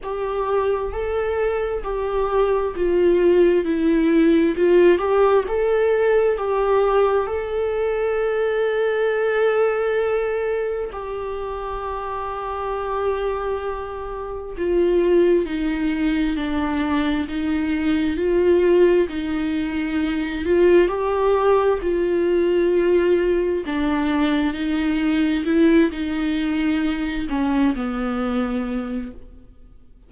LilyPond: \new Staff \with { instrumentName = "viola" } { \time 4/4 \tempo 4 = 66 g'4 a'4 g'4 f'4 | e'4 f'8 g'8 a'4 g'4 | a'1 | g'1 |
f'4 dis'4 d'4 dis'4 | f'4 dis'4. f'8 g'4 | f'2 d'4 dis'4 | e'8 dis'4. cis'8 b4. | }